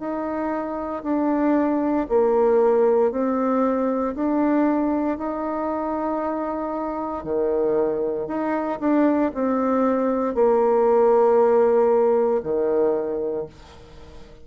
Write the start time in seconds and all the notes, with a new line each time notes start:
0.00 D#4
1.03 D4
2.09 A#3
3.12 C4
4.16 D4
5.19 D#4
7.24 D#3
8.28 D#4
8.80 D4
9.35 C4
10.35 A#3
12.43 D#3